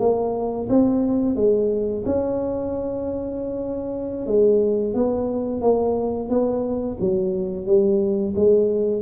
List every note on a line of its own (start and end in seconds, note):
0.00 0.68 A#3
0.70 1.36 C4
1.36 2.04 G#3
2.06 4.27 C#4
4.27 4.94 G#3
4.94 5.62 B3
5.62 6.29 A#3
6.29 6.98 B3
7.00 7.66 F#3
7.66 8.35 G3
8.36 9.02 G#3